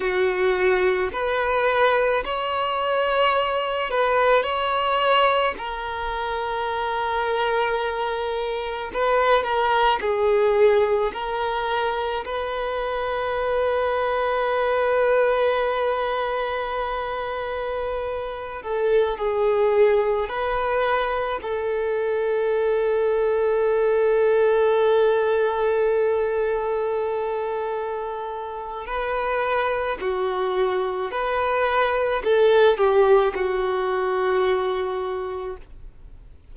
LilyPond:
\new Staff \with { instrumentName = "violin" } { \time 4/4 \tempo 4 = 54 fis'4 b'4 cis''4. b'8 | cis''4 ais'2. | b'8 ais'8 gis'4 ais'4 b'4~ | b'1~ |
b'8. a'8 gis'4 b'4 a'8.~ | a'1~ | a'2 b'4 fis'4 | b'4 a'8 g'8 fis'2 | }